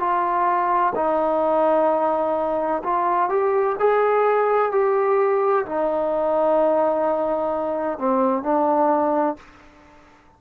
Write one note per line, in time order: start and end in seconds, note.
0.00 0.94 F4
0.95 2.83 D#4
2.84 3.29 F4
3.29 3.76 G4
3.79 4.72 G#4
4.72 5.66 G4
5.66 7.99 D#4
7.99 8.43 C4
8.43 9.37 D4